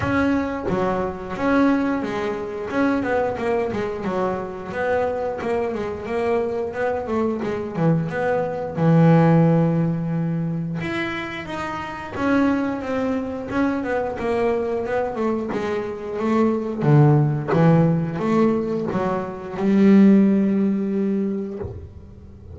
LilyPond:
\new Staff \with { instrumentName = "double bass" } { \time 4/4 \tempo 4 = 89 cis'4 fis4 cis'4 gis4 | cis'8 b8 ais8 gis8 fis4 b4 | ais8 gis8 ais4 b8 a8 gis8 e8 | b4 e2. |
e'4 dis'4 cis'4 c'4 | cis'8 b8 ais4 b8 a8 gis4 | a4 d4 e4 a4 | fis4 g2. | }